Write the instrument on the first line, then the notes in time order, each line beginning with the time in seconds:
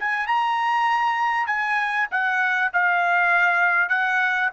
trumpet
0.00 G#5
0.28 A#5
1.47 G#5
2.11 F#5
2.73 F5
3.90 F#5